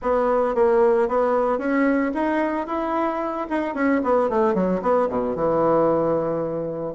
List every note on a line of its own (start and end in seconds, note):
0.01 0.54 B3
0.54 1.08 A#3
1.08 1.58 B3
1.58 2.12 C#4
2.14 2.66 D#4
2.66 3.47 E4
3.49 3.74 D#4
3.74 4.01 C#4
4.03 4.29 B3
4.29 4.54 A3
4.54 4.81 F#3
4.82 5.08 B3
5.09 5.35 B2
5.35 6.94 E3